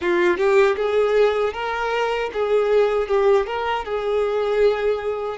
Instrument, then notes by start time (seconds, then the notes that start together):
violin
0.01 F4
0.37 G4
0.76 G#4
1.53 A#4
2.33 G#4
3.07 G4
3.46 A#4
3.84 G#4